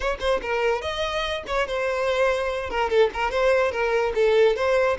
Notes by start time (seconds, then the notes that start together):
0.00 C#5
0.20 C5
0.42 A#4
0.81 D#5
1.46 C#5
1.67 C5
2.70 A#4
2.89 A4
3.13 A#4
3.30 C5
3.71 A#4
4.15 A4
4.56 C5